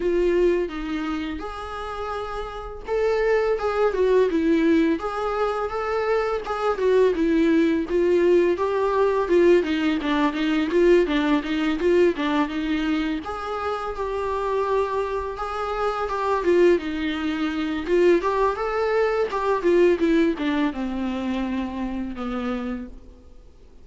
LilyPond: \new Staff \with { instrumentName = "viola" } { \time 4/4 \tempo 4 = 84 f'4 dis'4 gis'2 | a'4 gis'8 fis'8 e'4 gis'4 | a'4 gis'8 fis'8 e'4 f'4 | g'4 f'8 dis'8 d'8 dis'8 f'8 d'8 |
dis'8 f'8 d'8 dis'4 gis'4 g'8~ | g'4. gis'4 g'8 f'8 dis'8~ | dis'4 f'8 g'8 a'4 g'8 f'8 | e'8 d'8 c'2 b4 | }